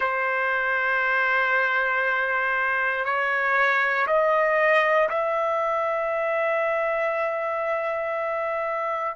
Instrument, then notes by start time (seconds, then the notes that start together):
trumpet
0.00 C5
3.04 C#5
4.07 D#5
5.09 E5